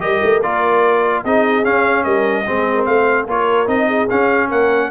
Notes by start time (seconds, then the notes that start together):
0.00 G3 G4 A#4 D#5
0.23 A3
0.42 A#3 F4 D5
1.24 C4 D#4 G#4 D#5
1.63 C#4 F5
2.03 G3 A#4 D#5
2.46 G#3 C4 G#4
2.75 A#4
2.85 A3 C5 F5
3.26 A#3 F4 A#4 C#5
3.66 C4 D#4 D#5
3.87 G#4
4.09 C#4 F5
4.48 A#3 A#4 F#5